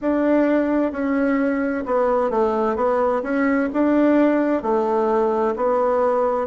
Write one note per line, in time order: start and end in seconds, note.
0.01 0.91 D4
0.91 1.84 C#4
1.85 2.30 B3
2.30 2.76 A3
2.76 3.22 B3
3.23 3.69 C#4
3.73 4.62 D4
4.62 5.54 A3
5.56 6.47 B3